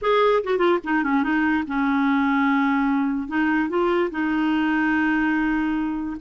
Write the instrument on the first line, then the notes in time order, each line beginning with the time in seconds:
clarinet
0.01 G#4
0.43 F#4
0.58 F4
0.83 D#4
1.03 C#4
1.23 D#4
1.67 C#4
3.28 D#4
3.69 F4
4.11 D#4